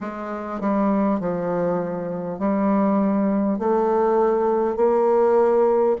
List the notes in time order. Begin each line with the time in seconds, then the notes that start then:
0.00 G#3
0.60 G3
1.19 F3
2.38 G3
3.58 A3
4.76 A#3